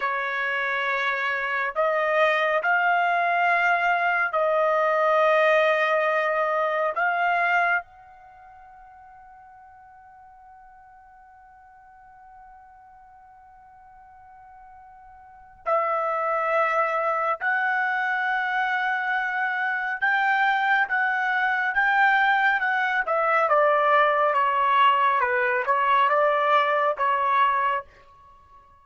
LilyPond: \new Staff \with { instrumentName = "trumpet" } { \time 4/4 \tempo 4 = 69 cis''2 dis''4 f''4~ | f''4 dis''2. | f''4 fis''2.~ | fis''1~ |
fis''2 e''2 | fis''2. g''4 | fis''4 g''4 fis''8 e''8 d''4 | cis''4 b'8 cis''8 d''4 cis''4 | }